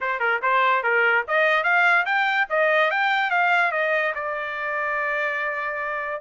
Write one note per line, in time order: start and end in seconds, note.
0.00 0.19 C5
0.19 0.40 A#4
0.42 0.83 C5
0.83 1.24 A#4
1.27 1.63 D#5
1.63 2.05 F5
2.05 2.47 G5
2.49 2.90 D#5
2.90 3.30 G5
3.30 3.71 F5
3.71 4.13 D#5
4.15 6.21 D5